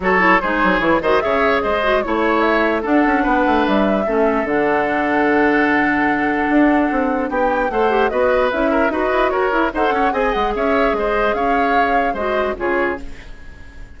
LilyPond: <<
  \new Staff \with { instrumentName = "flute" } { \time 4/4 \tempo 4 = 148 cis''4 c''4 cis''8 dis''8 e''4 | dis''4 cis''4 e''4 fis''4~ | fis''4 e''2 fis''4~ | fis''1~ |
fis''2 g''4 fis''4 | dis''4 e''4 dis''4 cis''4 | fis''4 gis''8 fis''8 e''4 dis''4 | f''2 dis''4 cis''4 | }
  \new Staff \with { instrumentName = "oboe" } { \time 4/4 a'4 gis'4. c''8 cis''4 | c''4 cis''2 a'4 | b'2 a'2~ | a'1~ |
a'2 g'4 c''4 | b'4. ais'8 b'4 ais'4 | c''8 cis''8 dis''4 cis''4 c''4 | cis''2 c''4 gis'4 | }
  \new Staff \with { instrumentName = "clarinet" } { \time 4/4 fis'8 e'8 dis'4 e'8 fis'8 gis'4~ | gis'8 fis'8 e'2 d'4~ | d'2 cis'4 d'4~ | d'1~ |
d'2. a'8 g'8 | fis'4 e'4 fis'4. e'8 | a'4 gis'2.~ | gis'2 fis'4 f'4 | }
  \new Staff \with { instrumentName = "bassoon" } { \time 4/4 fis4 gis8 fis8 e8 dis8 cis4 | gis4 a2 d'8 cis'8 | b8 a8 g4 a4 d4~ | d1 |
d'4 c'4 b4 a4 | b4 cis'4 dis'8 e'8 fis'8 e'8 | dis'8 cis'8 c'8 gis8 cis'4 gis4 | cis'2 gis4 cis4 | }
>>